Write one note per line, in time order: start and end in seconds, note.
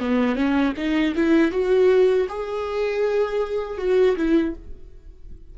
0.00 0.36 B3
0.36 0.74 C#4
0.77 1.15 D#4
1.16 1.52 E4
1.52 2.28 F#4
2.29 3.78 G#4
3.78 4.16 F#4
4.17 4.55 E4